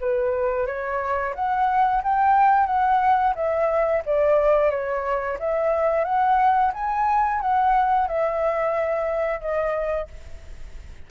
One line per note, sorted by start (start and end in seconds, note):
0.00 0.66 B4
0.66 1.34 C#5
1.35 2.02 F#5
2.03 2.66 G5
2.66 3.34 F#5
3.35 4.02 E5
4.05 4.70 D5
4.70 5.37 C#5
5.39 6.04 E5
6.04 6.72 F#5
6.73 7.40 G#5
7.40 8.07 F#5
8.07 9.40 E5
9.40 10.08 D#5